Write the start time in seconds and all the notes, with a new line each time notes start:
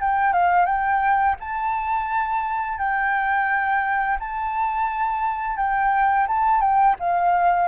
0.00 G5
0.33 F5
0.66 G5
1.40 A5
2.78 G5
4.20 A5
5.57 G5
6.28 A5
6.61 G5
7.00 F5